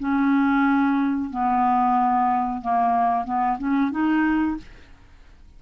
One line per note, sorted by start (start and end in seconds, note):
0.00 1.31 C#4
1.31 2.62 B3
2.62 3.25 A#3
3.25 3.58 B3
3.59 3.91 C#4
3.91 4.57 D#4